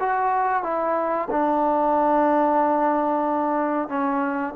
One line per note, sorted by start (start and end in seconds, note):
0.00 0.63 F#4
0.63 1.28 E4
1.31 3.89 D4
3.89 4.54 C#4